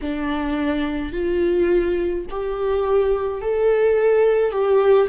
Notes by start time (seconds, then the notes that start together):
0.01 D4
1.12 F4
2.30 G4
3.41 A4
4.51 G4